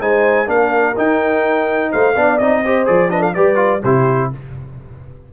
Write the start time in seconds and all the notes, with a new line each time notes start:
0.00 G#3 D#4 C5 G#5
0.46 A#3 D4 A#4 F5
0.96 D#4 G5
1.91 A3 C5 F5
2.15 B3 D4 D5
2.38 C4 D#4 D#5
2.64 G4 C5
2.86 F3 G#4 D5
3.09 D4 B4 D#5
3.19 A4 F5
3.34 G3 G4 B4 D5
3.55 F4
3.82 C3 E4 G4 C5